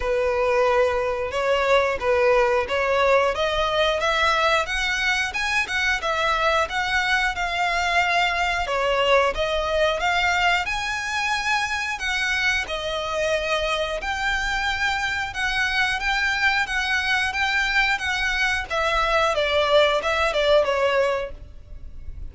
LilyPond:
\new Staff \with { instrumentName = "violin" } { \time 4/4 \tempo 4 = 90 b'2 cis''4 b'4 | cis''4 dis''4 e''4 fis''4 | gis''8 fis''8 e''4 fis''4 f''4~ | f''4 cis''4 dis''4 f''4 |
gis''2 fis''4 dis''4~ | dis''4 g''2 fis''4 | g''4 fis''4 g''4 fis''4 | e''4 d''4 e''8 d''8 cis''4 | }